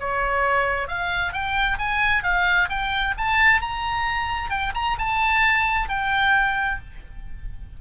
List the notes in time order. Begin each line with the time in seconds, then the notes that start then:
0.00 C#5
0.88 F5
1.33 G5
1.79 G#5
2.24 F5
2.69 G5
3.18 A5
3.61 A#5
4.50 G5
4.75 A#5
4.99 A5
5.89 G5